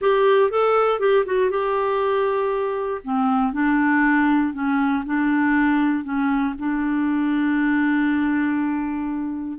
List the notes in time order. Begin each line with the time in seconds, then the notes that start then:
0.01 G4
0.50 A4
0.99 G4
1.25 F#4
1.50 G4
3.04 C4
3.52 D4
4.53 C#4
5.05 D4
6.04 C#4
6.58 D4